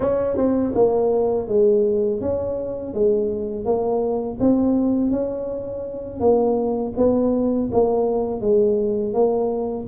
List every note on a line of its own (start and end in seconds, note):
0.00 0.37 C#4
0.37 0.73 C4
0.75 1.48 A#3
1.48 2.21 G#3
2.21 2.94 C#4
2.94 3.65 G#3
3.65 4.38 A#3
4.40 5.11 C4
5.11 6.20 C#4
6.20 6.93 A#3
6.96 7.70 B3
7.72 8.40 A#3
8.40 9.13 G#3
9.13 9.86 A#3